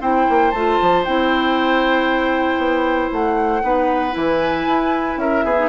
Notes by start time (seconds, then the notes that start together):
0.00 C4 E4 C5 G5
0.29 A#3
0.51 A3 F4 A5
0.81 F3
1.04 C4 E4 G5
2.57 B3
3.11 A3 F#5
3.62 B3 D#4 B4
4.11 E3 E4 G#5
4.66 E4
5.16 C#4 A#4 E5
5.44 B3 G#4
5.57 D#4